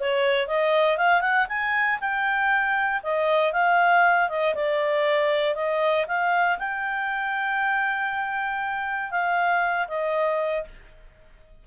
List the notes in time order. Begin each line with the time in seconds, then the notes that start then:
0.00 C#5
0.48 D#5
0.98 F5
1.21 F#5
1.49 G#5
2.00 G5
3.03 D#5
3.53 F5
4.29 D#5
4.55 D5
5.55 D#5
6.07 F5
6.59 G5
9.11 F5
9.88 D#5